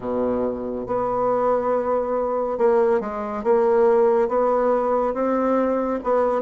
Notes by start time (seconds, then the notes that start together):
0.00 B2
0.86 B3
2.58 A#3
3.00 G#3
3.43 A#3
4.28 B3
5.14 C4
6.03 B3